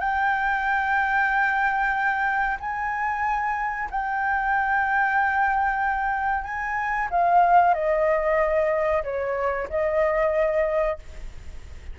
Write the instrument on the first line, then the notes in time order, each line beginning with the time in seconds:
flute
0.00 G5
2.60 G#5
3.91 G5
6.44 G#5
7.11 F5
7.75 D#5
9.04 C#5
9.70 D#5